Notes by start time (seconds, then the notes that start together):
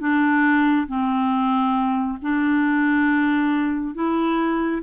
0.00 D4
0.88 C4
2.22 D4
3.95 E4